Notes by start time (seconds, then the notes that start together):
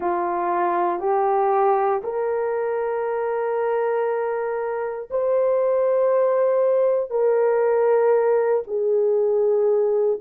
0.00 F4
0.99 G4
2.03 A#4
5.10 C5
7.10 A#4
8.67 G#4